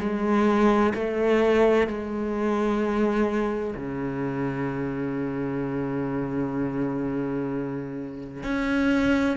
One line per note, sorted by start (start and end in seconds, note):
0.00 0.94 G#3
0.95 1.87 A3
1.87 3.75 G#3
3.76 8.43 C#3
8.43 9.37 C#4